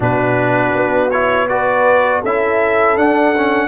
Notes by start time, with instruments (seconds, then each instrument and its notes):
0.00 tuba B2, trombone D4, horn F#4, trumpet B4
0.74 tuba B3
1.10 trombone E4, trumpet C#5
1.48 trombone F#4, horn B4, trumpet D5
2.21 tuba C#4, trombone E4, horn A4, trumpet E5
2.96 tuba D4, trombone D4, trumpet F#5
3.36 trombone C#4